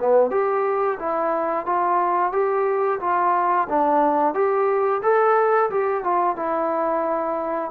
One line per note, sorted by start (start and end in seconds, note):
0.00 0.31 B3
0.31 0.98 G4
1.00 1.66 E4
1.66 2.33 F4
2.33 3.00 G4
3.01 3.68 F4
3.69 4.34 D4
4.34 5.02 G4
5.03 5.70 A4
5.70 6.04 G4
6.04 6.36 F4
6.36 7.71 E4